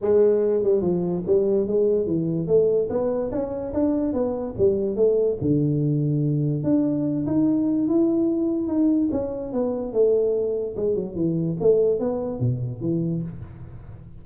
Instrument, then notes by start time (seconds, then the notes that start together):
tuba
0.01 G#3
0.63 G3
0.81 F3
1.26 G3
1.67 G#3
2.06 E3
2.47 A3
2.89 B3
3.31 C#4
3.73 D4
4.13 B3
4.57 G3
4.96 A3
5.41 D3
6.63 D4
7.26 D#4
7.88 E4
8.67 D#4
9.11 C#4
9.53 B3
9.92 A3
10.76 G#3
10.95 F#3
11.15 E3
11.60 A3
11.99 B3
12.39 B2
12.81 E3